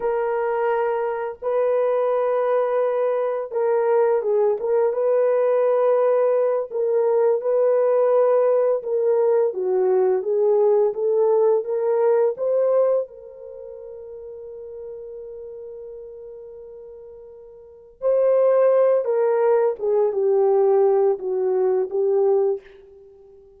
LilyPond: \new Staff \with { instrumentName = "horn" } { \time 4/4 \tempo 4 = 85 ais'2 b'2~ | b'4 ais'4 gis'8 ais'8 b'4~ | b'4. ais'4 b'4.~ | b'8 ais'4 fis'4 gis'4 a'8~ |
a'8 ais'4 c''4 ais'4.~ | ais'1~ | ais'4. c''4. ais'4 | gis'8 g'4. fis'4 g'4 | }